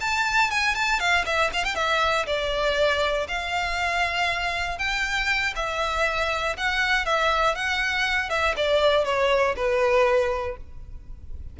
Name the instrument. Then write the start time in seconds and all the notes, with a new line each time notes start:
violin
0.00 A5
0.50 G#5
0.74 A5
0.99 F5
1.25 E5
1.53 F5
1.64 G5
1.75 E5
2.26 D5
3.28 F5
4.78 G5
5.55 E5
6.57 F#5
7.05 E5
7.55 F#5
8.29 E5
8.56 D5
9.05 C#5
9.55 B4